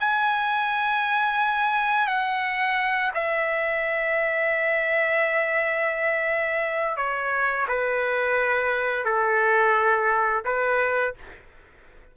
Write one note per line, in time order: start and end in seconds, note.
0.00 2.07 G#5
2.07 3.12 F#5
3.14 6.97 E5
6.97 7.66 C#5
7.68 9.05 B4
9.05 10.44 A4
10.45 11.15 B4